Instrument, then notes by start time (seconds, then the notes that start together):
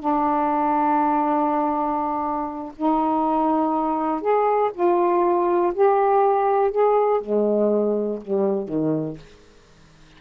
saxophone
0.00 D4
2.77 D#4
4.22 G#4
4.75 F4
5.74 G4
6.72 G#4
7.21 G#3
8.22 G3
8.68 D#3